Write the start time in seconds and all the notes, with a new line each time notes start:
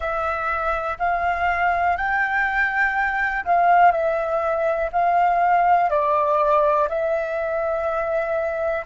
0.00 E5
0.98 F5
1.97 G5
3.44 F5
3.91 E5
4.92 F5
5.90 D5
6.89 E5